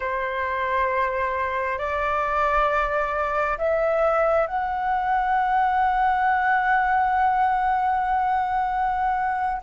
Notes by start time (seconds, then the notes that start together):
0.00 C5
1.78 D5
3.57 E5
4.46 F#5